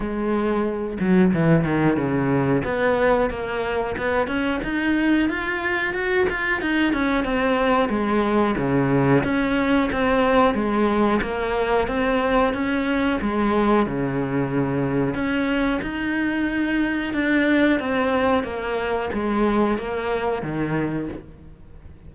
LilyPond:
\new Staff \with { instrumentName = "cello" } { \time 4/4 \tempo 4 = 91 gis4. fis8 e8 dis8 cis4 | b4 ais4 b8 cis'8 dis'4 | f'4 fis'8 f'8 dis'8 cis'8 c'4 | gis4 cis4 cis'4 c'4 |
gis4 ais4 c'4 cis'4 | gis4 cis2 cis'4 | dis'2 d'4 c'4 | ais4 gis4 ais4 dis4 | }